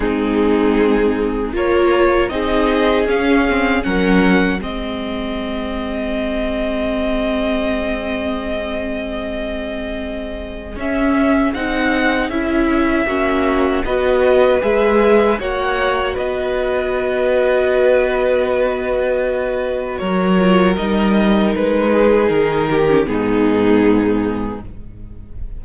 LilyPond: <<
  \new Staff \with { instrumentName = "violin" } { \time 4/4 \tempo 4 = 78 gis'2 cis''4 dis''4 | f''4 fis''4 dis''2~ | dis''1~ | dis''2 e''4 fis''4 |
e''2 dis''4 e''4 | fis''4 dis''2.~ | dis''2 cis''4 dis''4 | b'4 ais'4 gis'2 | }
  \new Staff \with { instrumentName = "violin" } { \time 4/4 dis'2 ais'4 gis'4~ | gis'4 ais'4 gis'2~ | gis'1~ | gis'1~ |
gis'4 fis'4 b'2 | cis''4 b'2.~ | b'2 ais'2~ | ais'8 gis'4 g'8 dis'2 | }
  \new Staff \with { instrumentName = "viola" } { \time 4/4 c'2 f'4 dis'4 | cis'8 c'8 cis'4 c'2~ | c'1~ | c'2 cis'4 dis'4 |
e'4 cis'4 fis'4 gis'4 | fis'1~ | fis'2~ fis'8 f'8 dis'4~ | dis'4.~ dis'16 cis'16 b2 | }
  \new Staff \with { instrumentName = "cello" } { \time 4/4 gis2 ais4 c'4 | cis'4 fis4 gis2~ | gis1~ | gis2 cis'4 c'4 |
cis'4 ais4 b4 gis4 | ais4 b2.~ | b2 fis4 g4 | gis4 dis4 gis,2 | }
>>